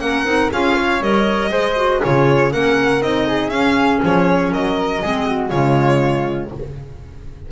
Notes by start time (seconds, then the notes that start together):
0.00 A#3 C#4 A#4 F#5
0.25 C4 D#4
0.52 C#4 F4 G#4 F5
0.75 C#5
1.00 G3 A#4 D#5
1.51 G#3 G#4 C5
1.76 F#4
2.00 C#3 F4 G#4 C#5
2.52 A#3 C#4 A#4 F#5
3.00 C4 D#4 D#5
3.27 G#4
3.50 C#4 F5
4.04 F3 C#5
4.52 F#3 A#4 D#5
5.02 G#3 C4 G#4
5.26 F#4
5.50 C#3 G#3 F4 C#5